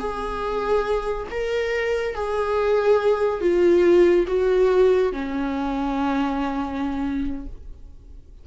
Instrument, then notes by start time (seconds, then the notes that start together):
viola
0.00 G#4
1.31 A#4
2.15 G#4
3.41 F4
4.27 F#4
5.13 C#4